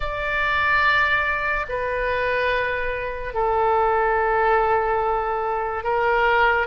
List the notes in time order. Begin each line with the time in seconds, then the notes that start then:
0.00 D5
1.68 B4
3.33 A4
5.83 A#4